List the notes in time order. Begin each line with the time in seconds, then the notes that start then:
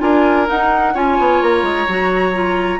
0.00 D4 F4 A#4 G#5
0.46 D#4 F#5
0.94 C#4 F4 C#5 G#5
1.18 B3
1.41 A#3 A#5
1.62 G#3
1.87 F#3 F#4
2.33 F4